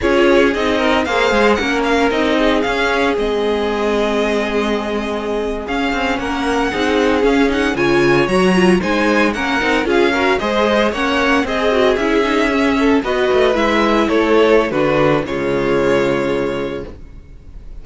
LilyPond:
<<
  \new Staff \with { instrumentName = "violin" } { \time 4/4 \tempo 4 = 114 cis''4 dis''4 f''4 fis''8 f''8 | dis''4 f''4 dis''2~ | dis''2~ dis''8. f''4 fis''16~ | fis''4.~ fis''16 f''8 fis''8 gis''4 ais''16~ |
ais''8. gis''4 fis''4 f''4 dis''16~ | dis''8. fis''4 dis''4 e''4~ e''16~ | e''8. dis''4 e''4 cis''4~ cis''16 | b'4 cis''2. | }
  \new Staff \with { instrumentName = "violin" } { \time 4/4 gis'4. ais'8 c''4 ais'4~ | ais'8 gis'2.~ gis'8~ | gis'2.~ gis'8. ais'16~ | ais'8. gis'2 cis''4~ cis''16~ |
cis''8. c''4 ais'4 gis'8 ais'8 c''16~ | c''8. cis''4 gis'2~ gis'16~ | gis'16 a'8 b'2 a'4~ a'16 | fis'4 f'2. | }
  \new Staff \with { instrumentName = "viola" } { \time 4/4 f'4 dis'4 gis'4 cis'4 | dis'4 cis'4 c'2~ | c'2~ c'8. cis'4~ cis'16~ | cis'8. dis'4 cis'8 dis'8 f'4 fis'16~ |
fis'16 f'8 dis'4 cis'8 dis'8 f'8 fis'8 gis'16~ | gis'8. cis'4 gis'8 fis'8 e'8 dis'8 cis'16~ | cis'8. fis'4 e'2~ e'16 | d'4 gis2. | }
  \new Staff \with { instrumentName = "cello" } { \time 4/4 cis'4 c'4 ais8 gis8 ais4 | c'4 cis'4 gis2~ | gis2~ gis8. cis'8 c'8 ais16~ | ais8. c'4 cis'4 cis4 fis16~ |
fis8. gis4 ais8 c'8 cis'4 gis16~ | gis8. ais4 c'4 cis'4~ cis'16~ | cis'8. b8 a8 gis4 a4~ a16 | d4 cis2. | }
>>